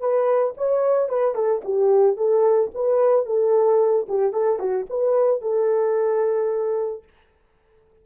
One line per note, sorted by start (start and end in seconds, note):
0.00 0.54 B4
0.57 1.09 C#5
1.09 1.35 B4
1.35 1.62 A4
1.65 2.17 G4
2.17 2.71 A4
2.74 3.26 B4
3.26 4.07 A4
4.09 4.33 G4
4.33 4.59 A4
4.59 4.86 F#4
4.90 5.42 B4
5.42 7.04 A4